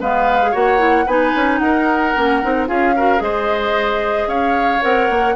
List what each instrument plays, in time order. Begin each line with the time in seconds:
0.00 bassoon G#3, clarinet B3, oboe B4, flute F5
0.42 clarinet G#4
0.51 bassoon A#3, clarinet F#4, oboe C#5, flute F#5
0.78 clarinet E4
1.06 bassoon B3, clarinet D#4, oboe B4, flute G#5
1.35 bassoon C#4
1.58 bassoon D#4, oboe A#4, flute F#5
2.16 bassoon A#3, clarinet C#4
2.42 bassoon C4, clarinet D#4
2.67 bassoon C#4, clarinet F4, oboe G#4, flute F5
2.96 clarinet F#4, oboe A#4
3.17 bassoon G#3, clarinet G#4, oboe C5, flute D#5
4.26 bassoon C#4, oboe C#5, flute F5
4.81 bassoon C4, clarinet A#4, flute F#5
5.09 bassoon A#3